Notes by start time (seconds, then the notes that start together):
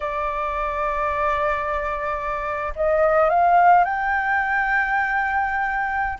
0.00 D5
2.75 D#5
3.29 F5
3.84 G5